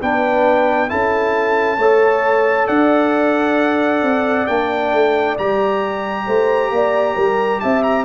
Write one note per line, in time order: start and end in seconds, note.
0.00 0.91 B3
0.00 0.89 D4
0.00 0.90 B4
0.00 0.90 G5
0.89 1.78 C#4
0.89 1.78 E4
0.89 1.78 A4
0.89 2.68 A5
1.78 2.68 A3
1.78 4.49 A4
1.78 2.67 C#5
2.67 4.03 D4
2.67 6.25 D5
2.67 4.47 F#5
4.03 4.48 C4
4.47 4.93 A#3
4.47 5.38 D4
4.47 5.36 G5
4.93 5.38 A3
5.38 6.28 G3
5.38 8.05 G4
5.38 7.60 A#5
6.27 6.71 A3
6.27 6.71 C5
6.71 7.16 A#3
6.71 7.16 D5
7.16 7.62 G3
7.16 7.60 A#4
7.60 8.05 C4
7.60 8.05 E5
7.60 7.83 A5
7.83 8.05 A#5